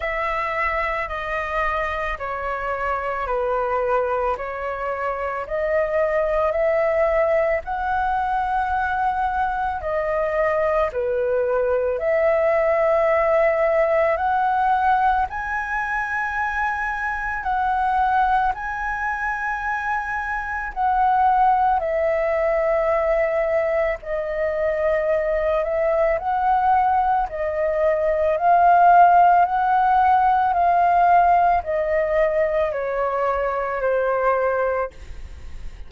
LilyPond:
\new Staff \with { instrumentName = "flute" } { \time 4/4 \tempo 4 = 55 e''4 dis''4 cis''4 b'4 | cis''4 dis''4 e''4 fis''4~ | fis''4 dis''4 b'4 e''4~ | e''4 fis''4 gis''2 |
fis''4 gis''2 fis''4 | e''2 dis''4. e''8 | fis''4 dis''4 f''4 fis''4 | f''4 dis''4 cis''4 c''4 | }